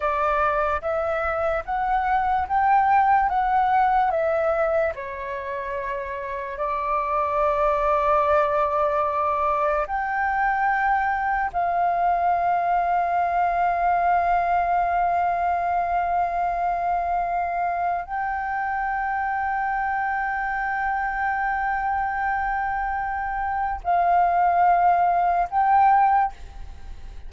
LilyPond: \new Staff \with { instrumentName = "flute" } { \time 4/4 \tempo 4 = 73 d''4 e''4 fis''4 g''4 | fis''4 e''4 cis''2 | d''1 | g''2 f''2~ |
f''1~ | f''2 g''2~ | g''1~ | g''4 f''2 g''4 | }